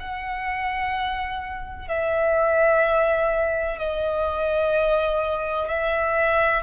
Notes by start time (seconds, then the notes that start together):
0.00 F#5
1.88 E5
3.79 D#5
5.69 E5